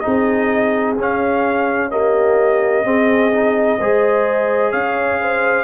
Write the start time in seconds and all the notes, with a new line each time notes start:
0.00 D#4 G#4 D#5
0.06 C4
0.99 C#4 F5
1.90 A#3 G4 D#5
2.84 C4 G#4
3.31 D#4
3.78 G#3 G#4 C5
4.71 C#4 C#5 F5
5.20 C5